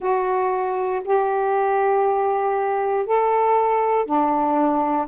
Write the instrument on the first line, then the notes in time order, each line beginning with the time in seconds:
saxophone
0.00 F#4
1.04 G4
3.06 A4
4.05 D4